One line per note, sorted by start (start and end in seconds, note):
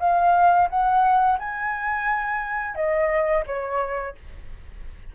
0.00 0.69 F5
0.70 1.39 F#5
1.39 2.76 G#5
2.76 3.45 D#5
3.46 4.15 C#5